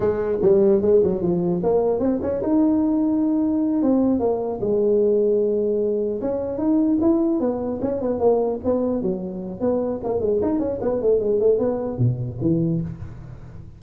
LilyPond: \new Staff \with { instrumentName = "tuba" } { \time 4/4 \tempo 4 = 150 gis4 g4 gis8 fis8 f4 | ais4 c'8 cis'8 dis'2~ | dis'4. c'4 ais4 gis8~ | gis2.~ gis8 cis'8~ |
cis'8 dis'4 e'4 b4 cis'8 | b8 ais4 b4 fis4. | b4 ais8 gis8 dis'8 cis'8 b8 a8 | gis8 a8 b4 b,4 e4 | }